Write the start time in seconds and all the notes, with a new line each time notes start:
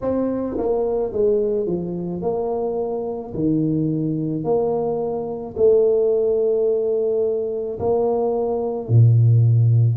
0.01 C4
0.57 A#3
1.12 G#3
1.66 F3
2.21 A#3
3.33 D#3
4.43 A#3
5.56 A3
7.79 A#3
8.88 A#2